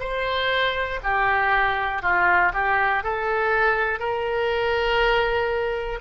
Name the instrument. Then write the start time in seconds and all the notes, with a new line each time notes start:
oboe
0.00 C5
1.04 G4
2.03 F4
2.54 G4
3.04 A4
4.00 A#4